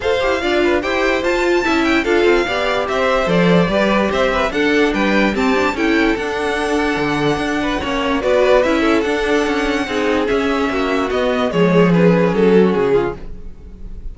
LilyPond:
<<
  \new Staff \with { instrumentName = "violin" } { \time 4/4 \tempo 4 = 146 f''2 g''4 a''4~ | a''8 g''8 f''2 e''4 | d''2 e''4 fis''4 | g''4 a''4 g''4 fis''4~ |
fis''1 | d''4 e''4 fis''2~ | fis''4 e''2 dis''4 | cis''4 b'4 a'4 gis'4 | }
  \new Staff \with { instrumentName = "violin" } { \time 4/4 c''4 d''8 b'8 c''2 | e''4 a'4 d''4 c''4~ | c''4 b'4 c''8 b'8 a'4 | b'4 g'4 a'2~ |
a'2~ a'8 b'8 cis''4 | b'4. a'2~ a'8 | gis'2 fis'2 | gis'2~ gis'8 fis'4 f'8 | }
  \new Staff \with { instrumentName = "viola" } { \time 4/4 a'8 g'8 f'4 g'4 f'4 | e'4 f'4 g'2 | a'4 g'2 d'4~ | d'4 c'8 d'8 e'4 d'4~ |
d'2. cis'4 | fis'4 e'4 d'2 | dis'4 cis'2 b4 | gis4 cis'2. | }
  \new Staff \with { instrumentName = "cello" } { \time 4/4 f'8 e'8 d'4 e'4 f'4 | cis'4 d'8 c'8 b4 c'4 | f4 g4 c'4 d'4 | g4 c'4 cis'4 d'4~ |
d'4 d4 d'4 ais4 | b4 cis'4 d'4 cis'4 | c'4 cis'4 ais4 b4 | f2 fis4 cis4 | }
>>